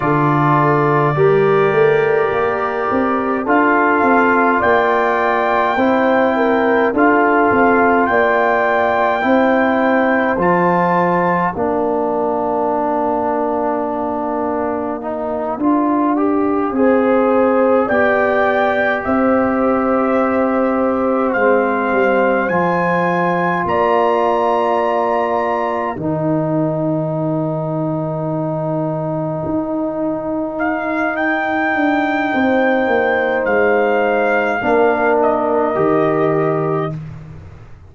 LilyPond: <<
  \new Staff \with { instrumentName = "trumpet" } { \time 4/4 \tempo 4 = 52 d''2. f''4 | g''2 f''4 g''4~ | g''4 a''4 f''2~ | f''2.~ f''8 g''8~ |
g''8 e''2 f''4 gis''8~ | gis''8 ais''2 g''4.~ | g''2~ g''8 f''8 g''4~ | g''4 f''4. dis''4. | }
  \new Staff \with { instrumentName = "horn" } { \time 4/4 a'4 ais'2 a'4 | d''4 c''8 ais'8 a'4 d''4 | c''2 ais'2~ | ais'2~ ais'8 c''4 d''8~ |
d''8 c''2.~ c''8~ | c''8 d''2 ais'4.~ | ais'1 | c''2 ais'2 | }
  \new Staff \with { instrumentName = "trombone" } { \time 4/4 f'4 g'2 f'4~ | f'4 e'4 f'2 | e'4 f'4 d'2~ | d'4 dis'8 f'8 g'8 gis'4 g'8~ |
g'2~ g'8 c'4 f'8~ | f'2~ f'8 dis'4.~ | dis'1~ | dis'2 d'4 g'4 | }
  \new Staff \with { instrumentName = "tuba" } { \time 4/4 d4 g8 a8 ais8 c'8 d'8 c'8 | ais4 c'4 d'8 c'8 ais4 | c'4 f4 ais2~ | ais4. d'4 c'4 b8~ |
b8 c'2 gis8 g8 f8~ | f8 ais2 dis4.~ | dis4. dis'2 d'8 | c'8 ais8 gis4 ais4 dis4 | }
>>